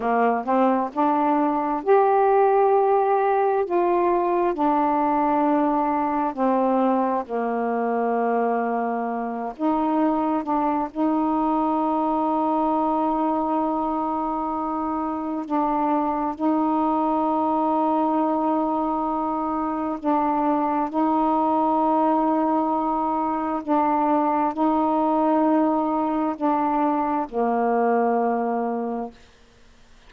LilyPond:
\new Staff \with { instrumentName = "saxophone" } { \time 4/4 \tempo 4 = 66 ais8 c'8 d'4 g'2 | f'4 d'2 c'4 | ais2~ ais8 dis'4 d'8 | dis'1~ |
dis'4 d'4 dis'2~ | dis'2 d'4 dis'4~ | dis'2 d'4 dis'4~ | dis'4 d'4 ais2 | }